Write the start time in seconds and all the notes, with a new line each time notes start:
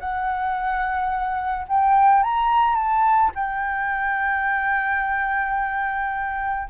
0.00 F#5
1.68 G5
2.23 A#5
2.76 A5
3.35 G5